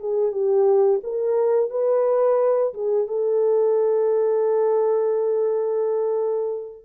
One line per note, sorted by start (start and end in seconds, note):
0.00 0.32 G#4
0.32 1.01 G4
1.04 1.70 A#4
1.70 2.74 B4
2.74 3.08 G#4
3.08 6.85 A4